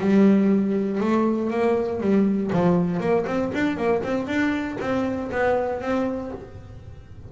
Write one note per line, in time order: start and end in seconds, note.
0.00 1.00 G3
1.00 1.51 A3
1.51 2.00 A#3
2.00 2.51 G3
2.53 3.00 F3
3.00 3.25 A#3
3.26 3.51 C4
3.54 3.77 D4
3.77 4.02 A#3
4.03 4.27 C4
4.27 4.77 D4
4.81 5.31 C4
5.31 5.81 B3
5.81 6.32 C4